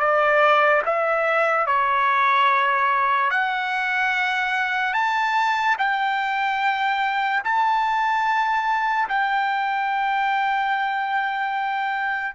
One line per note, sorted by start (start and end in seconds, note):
0.00 0.82 D5
0.86 1.67 E5
1.67 3.31 C#5
3.31 4.94 F#5
4.94 5.76 A5
5.79 7.43 G5
7.45 9.09 A5
9.09 12.35 G5